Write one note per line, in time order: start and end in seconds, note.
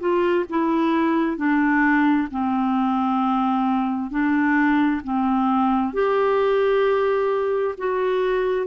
0.00 0.45 F4
0.50 1.38 E4
1.38 2.29 D4
2.31 4.11 C4
4.11 5.02 D4
5.04 5.93 C4
5.93 7.75 G4
7.78 8.67 F#4